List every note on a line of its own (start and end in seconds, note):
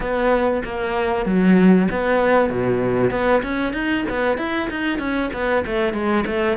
0.00 0.62 B3
0.64 1.25 A#3
1.25 1.88 F#3
1.90 2.49 B3
2.49 3.11 B2
3.11 3.42 B3
3.42 3.73 C#4
3.73 4.04 D#4
4.09 4.37 B3
4.37 4.68 E4
4.70 4.98 D#4
4.98 5.30 C#4
5.33 5.64 B3
5.66 5.93 A3
5.93 6.24 G#3
6.26 6.57 A3